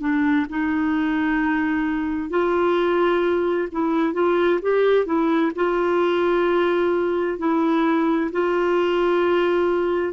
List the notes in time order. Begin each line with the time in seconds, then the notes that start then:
0.00 D4
0.49 D#4
2.30 F4
3.72 E4
4.13 F4
4.62 G4
5.06 E4
5.55 F4
7.38 E4
8.32 F4